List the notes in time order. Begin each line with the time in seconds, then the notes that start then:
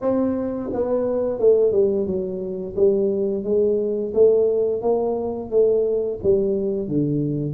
0.01 C4
0.72 B3
1.39 A3
1.71 G3
2.06 F#3
2.76 G3
3.43 G#3
4.13 A3
4.81 A#3
5.50 A3
6.23 G3
6.88 D3